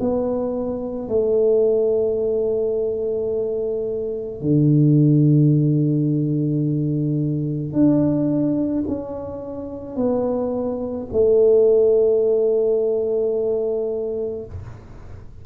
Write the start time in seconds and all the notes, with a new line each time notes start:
0.00 B3
1.09 A3
4.41 D3
7.73 D4
8.88 C#4
9.96 B3
11.12 A3